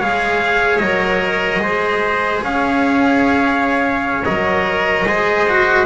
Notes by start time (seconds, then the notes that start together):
0.00 G#3 G#4 C#5 F5
0.79 F#3 A#4 D#5
1.59 G#3 G#4 C5
2.43 C#4 C#5 F5
4.25 F#3 A#4 D#5
5.05 G#3 G#4 C5
5.49 F#4